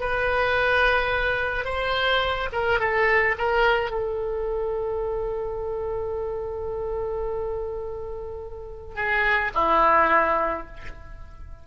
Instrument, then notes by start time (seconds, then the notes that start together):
oboe
0.00 B4
1.65 C5
2.52 A#4
2.79 A4
3.38 A#4
3.91 A4
8.95 G#4
9.54 E4